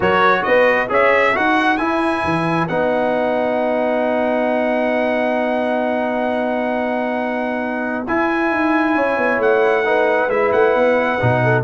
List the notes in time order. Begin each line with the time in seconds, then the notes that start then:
0.00 F#3 F#4 A#4 C#5
0.43 B3 B4 D#5
0.88 C#4 G#4 C#5 E5
1.33 D#4 F#4 B4 F#5
1.77 E4 G#5
2.24 E3
2.68 B3 D#4 F#5
8.07 E4 G#5
8.51 D#4
8.95 C#4 C#5
9.17 B3
9.38 A3 F#5
9.84 D#4 B4
10.28 G#3 E4 E5
10.52 A3 F#5
10.74 B3
11.20 B2 D#4
11.43 A4